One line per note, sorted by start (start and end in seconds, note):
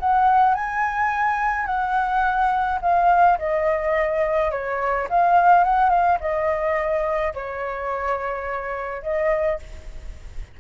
0.00 0.55 F#5
0.55 1.66 G#5
1.66 2.79 F#5
2.82 3.39 F5
3.39 4.52 D#5
4.52 5.08 C#5
5.10 5.64 F5
5.64 5.90 F#5
5.90 6.19 F5
6.21 7.34 D#5
7.35 9.03 C#5
9.03 9.60 D#5